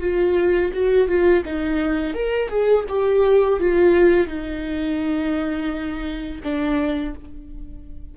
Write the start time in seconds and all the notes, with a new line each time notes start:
0.00 F4
0.73 F#4
1.07 F4
1.45 D#4
2.14 A#4
2.49 G#4
2.88 G4
3.59 F4
4.27 D#4
6.43 D4